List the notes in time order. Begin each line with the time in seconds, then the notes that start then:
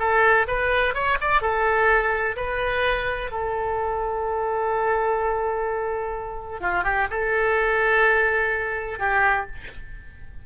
0.00 A4
0.48 B4
0.95 C#5
1.21 D5
1.42 A4
2.37 B4
3.32 A4
6.61 F4
6.84 G4
7.11 A4
9.00 G4